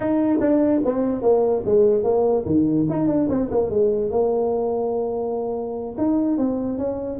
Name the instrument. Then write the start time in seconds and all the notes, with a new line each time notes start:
tuba
0.00 D#4
0.40 D4
0.84 C4
1.22 A#3
1.65 G#3
2.03 A#3
2.45 D#3
2.89 D#4
3.07 D4
3.29 C4
3.50 A#3
3.69 G#3
4.10 A#3
5.97 D#4
6.37 C4
6.78 C#4